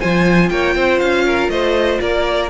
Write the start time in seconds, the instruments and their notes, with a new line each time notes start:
0.00 cello F3, viola F4, violin C5 G#5
0.50 cello A#3, violin C#5 G5
0.75 cello C4, violin C5
0.99 cello C#4, violin F5
1.26 violin A#4
1.49 cello A3, violin C5 D#5
2.01 cello A#3, violin A#4 D5